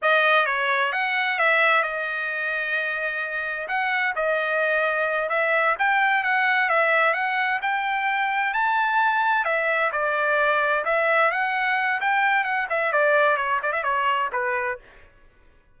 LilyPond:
\new Staff \with { instrumentName = "trumpet" } { \time 4/4 \tempo 4 = 130 dis''4 cis''4 fis''4 e''4 | dis''1 | fis''4 dis''2~ dis''8 e''8~ | e''8 g''4 fis''4 e''4 fis''8~ |
fis''8 g''2 a''4.~ | a''8 e''4 d''2 e''8~ | e''8 fis''4. g''4 fis''8 e''8 | d''4 cis''8 d''16 e''16 cis''4 b'4 | }